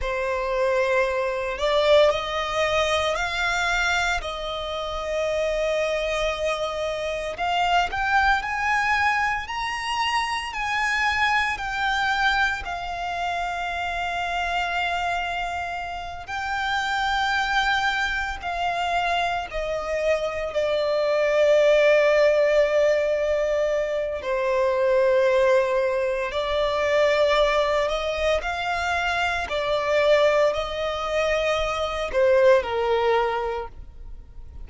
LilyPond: \new Staff \with { instrumentName = "violin" } { \time 4/4 \tempo 4 = 57 c''4. d''8 dis''4 f''4 | dis''2. f''8 g''8 | gis''4 ais''4 gis''4 g''4 | f''2.~ f''8 g''8~ |
g''4. f''4 dis''4 d''8~ | d''2. c''4~ | c''4 d''4. dis''8 f''4 | d''4 dis''4. c''8 ais'4 | }